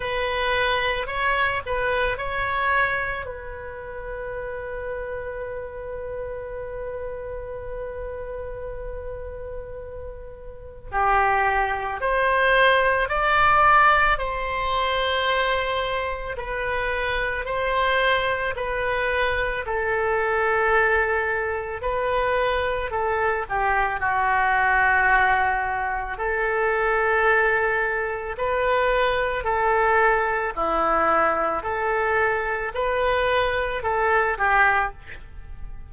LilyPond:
\new Staff \with { instrumentName = "oboe" } { \time 4/4 \tempo 4 = 55 b'4 cis''8 b'8 cis''4 b'4~ | b'1~ | b'2 g'4 c''4 | d''4 c''2 b'4 |
c''4 b'4 a'2 | b'4 a'8 g'8 fis'2 | a'2 b'4 a'4 | e'4 a'4 b'4 a'8 g'8 | }